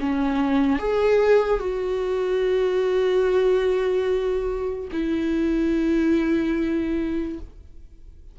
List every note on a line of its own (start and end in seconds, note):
0.00 0.79 C#4
0.79 1.60 G#4
1.60 4.88 F#4
4.92 7.39 E4